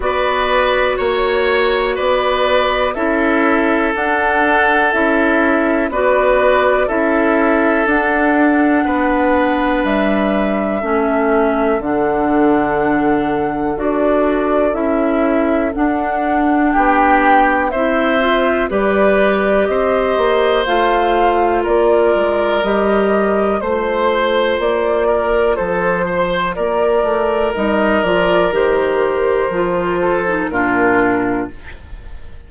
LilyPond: <<
  \new Staff \with { instrumentName = "flute" } { \time 4/4 \tempo 4 = 61 d''4 cis''4 d''4 e''4 | fis''4 e''4 d''4 e''4 | fis''2 e''2 | fis''2 d''4 e''4 |
fis''4 g''4 e''4 d''4 | dis''4 f''4 d''4 dis''4 | c''4 d''4 c''4 d''4 | dis''8 d''8 c''2 ais'4 | }
  \new Staff \with { instrumentName = "oboe" } { \time 4/4 b'4 cis''4 b'4 a'4~ | a'2 b'4 a'4~ | a'4 b'2 a'4~ | a'1~ |
a'4 g'4 c''4 b'4 | c''2 ais'2 | c''4. ais'8 a'8 c''8 ais'4~ | ais'2~ ais'8 a'8 f'4 | }
  \new Staff \with { instrumentName = "clarinet" } { \time 4/4 fis'2. e'4 | d'4 e'4 fis'4 e'4 | d'2. cis'4 | d'2 fis'4 e'4 |
d'2 e'8 f'8 g'4~ | g'4 f'2 g'4 | f'1 | dis'8 f'8 g'4 f'8. dis'16 d'4 | }
  \new Staff \with { instrumentName = "bassoon" } { \time 4/4 b4 ais4 b4 cis'4 | d'4 cis'4 b4 cis'4 | d'4 b4 g4 a4 | d2 d'4 cis'4 |
d'4 b4 c'4 g4 | c'8 ais8 a4 ais8 gis8 g4 | a4 ais4 f4 ais8 a8 | g8 f8 dis4 f4 ais,4 | }
>>